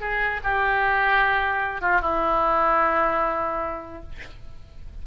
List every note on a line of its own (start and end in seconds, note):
0.00 0.40 G#4
0.43 1.81 G4
1.81 2.01 F4
2.01 4.02 E4